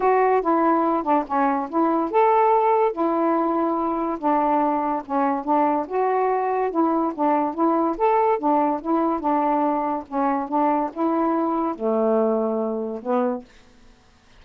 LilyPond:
\new Staff \with { instrumentName = "saxophone" } { \time 4/4 \tempo 4 = 143 fis'4 e'4. d'8 cis'4 | e'4 a'2 e'4~ | e'2 d'2 | cis'4 d'4 fis'2 |
e'4 d'4 e'4 a'4 | d'4 e'4 d'2 | cis'4 d'4 e'2 | a2. b4 | }